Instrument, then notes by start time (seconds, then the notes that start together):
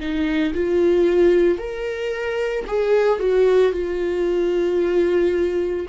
viola
0.00 D#4
0.54 F4
1.58 A#4
2.67 G#4
3.19 F#4
3.73 F4